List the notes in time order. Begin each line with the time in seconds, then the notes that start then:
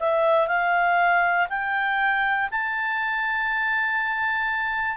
0.00 E5
0.48 F5
1.50 G5
2.51 A5